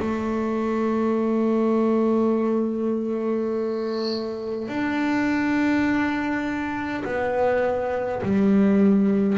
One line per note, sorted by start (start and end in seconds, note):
0.00 4.69 A3
4.69 7.04 D4
7.05 8.22 B3
8.23 9.39 G3